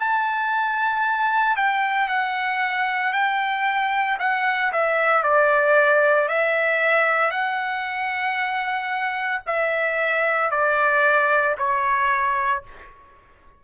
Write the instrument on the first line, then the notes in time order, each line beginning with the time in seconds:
trumpet
0.00 A5
1.57 G5
2.09 F#5
3.13 G5
4.20 F#5
4.73 E5
5.24 D5
6.29 E5
7.32 F#5
9.47 E5
10.51 D5
11.58 C#5